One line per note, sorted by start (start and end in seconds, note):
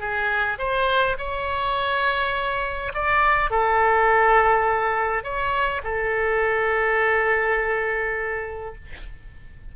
0.00 0.58 G#4
0.59 1.17 C5
1.18 2.93 C#5
2.94 3.51 D5
3.51 5.24 A4
5.24 5.82 C#5
5.84 8.75 A4